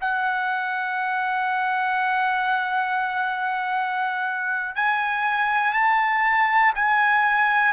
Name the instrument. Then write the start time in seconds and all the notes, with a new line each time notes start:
trumpet
0.00 F#5
4.75 G#5
5.73 A5
6.75 G#5